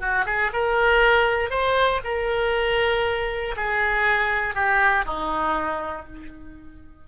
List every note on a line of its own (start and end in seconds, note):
0.00 0.25 F#4
0.26 0.51 G#4
0.53 1.50 A#4
1.50 2.01 C5
2.05 3.56 A#4
3.57 4.55 G#4
4.55 5.05 G4
5.06 6.06 D#4